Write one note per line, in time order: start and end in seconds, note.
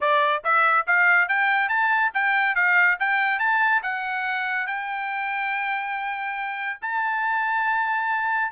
0.00 0.43 D5
0.44 0.86 E5
0.86 1.28 F5
1.28 1.68 G5
1.68 2.11 A5
2.14 2.55 G5
2.55 2.97 F5
2.99 3.39 G5
3.39 3.81 A5
3.83 4.67 F#5
4.67 6.79 G5
6.81 8.51 A5